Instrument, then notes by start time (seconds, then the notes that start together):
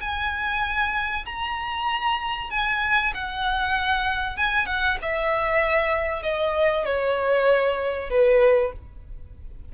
violin
0.00 G#5
1.25 A#5
2.50 G#5
3.14 F#5
4.37 G#5
4.66 F#5
5.01 E5
6.23 D#5
6.86 C#5
8.10 B4